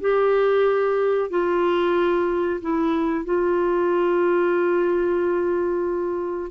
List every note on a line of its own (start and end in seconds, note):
0.00 1.30 G4
1.30 2.60 F4
2.61 3.25 E4
3.25 6.50 F4